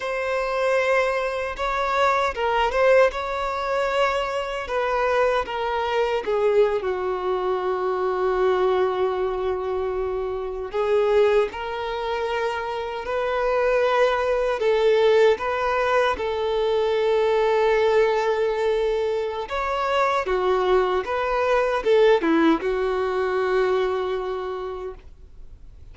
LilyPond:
\new Staff \with { instrumentName = "violin" } { \time 4/4 \tempo 4 = 77 c''2 cis''4 ais'8 c''8 | cis''2 b'4 ais'4 | gis'8. fis'2.~ fis'16~ | fis'4.~ fis'16 gis'4 ais'4~ ais'16~ |
ais'8. b'2 a'4 b'16~ | b'8. a'2.~ a'16~ | a'4 cis''4 fis'4 b'4 | a'8 e'8 fis'2. | }